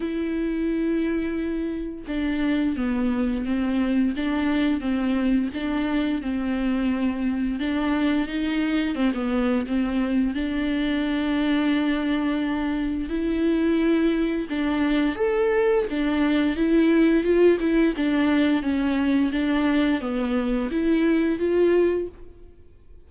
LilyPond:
\new Staff \with { instrumentName = "viola" } { \time 4/4 \tempo 4 = 87 e'2. d'4 | b4 c'4 d'4 c'4 | d'4 c'2 d'4 | dis'4 c'16 b8. c'4 d'4~ |
d'2. e'4~ | e'4 d'4 a'4 d'4 | e'4 f'8 e'8 d'4 cis'4 | d'4 b4 e'4 f'4 | }